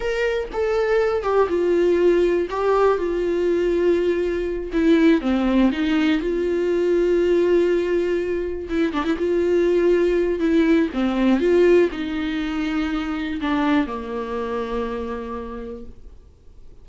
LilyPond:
\new Staff \with { instrumentName = "viola" } { \time 4/4 \tempo 4 = 121 ais'4 a'4. g'8 f'4~ | f'4 g'4 f'2~ | f'4. e'4 c'4 dis'8~ | dis'8 f'2.~ f'8~ |
f'4. e'8 d'16 e'16 f'4.~ | f'4 e'4 c'4 f'4 | dis'2. d'4 | ais1 | }